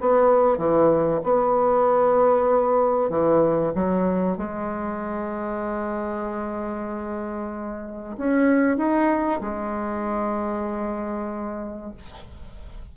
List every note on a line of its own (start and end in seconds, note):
0.00 0.57 B3
0.57 1.20 E3
1.23 3.09 B3
3.09 3.72 E3
3.74 4.37 F#3
4.37 8.16 G#3
8.17 8.77 C#4
8.77 9.40 D#4
9.40 11.93 G#3